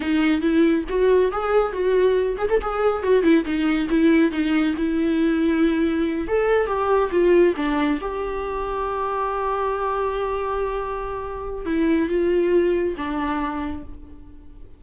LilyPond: \new Staff \with { instrumentName = "viola" } { \time 4/4 \tempo 4 = 139 dis'4 e'4 fis'4 gis'4 | fis'4. gis'16 a'16 gis'4 fis'8 e'8 | dis'4 e'4 dis'4 e'4~ | e'2~ e'8 a'4 g'8~ |
g'8 f'4 d'4 g'4.~ | g'1~ | g'2. e'4 | f'2 d'2 | }